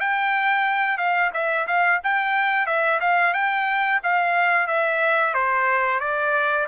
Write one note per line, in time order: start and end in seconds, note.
0.00 0.98 G5
0.98 1.31 F5
1.33 1.67 E5
1.67 2.00 F5
2.03 2.66 G5
2.66 2.99 E5
3.00 3.34 F5
3.34 4.00 G5
4.03 4.67 F5
4.67 5.34 E5
5.34 6.00 C5
6.00 6.67 D5